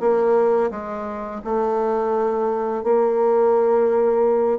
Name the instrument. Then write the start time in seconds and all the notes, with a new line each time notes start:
bassoon
0.00 A#3
0.71 G#3
1.45 A3
2.84 A#3